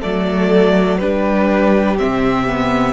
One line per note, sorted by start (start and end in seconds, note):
0.00 1.02 F#3
0.00 1.01 A3
0.00 0.98 A4
0.00 0.98 D5
0.98 2.01 G3
0.98 1.98 D4
0.98 2.93 G4
0.98 1.97 B4
1.98 2.93 C3
1.98 2.47 C4
1.98 2.93 E5
2.48 2.93 B3